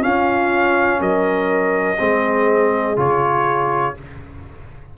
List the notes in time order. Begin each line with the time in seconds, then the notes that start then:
0.00 C#4 F4 F5
0.99 F#3 A#4 D#5
1.98 G#3 C4 G#4
2.96 C#3 F4 C#5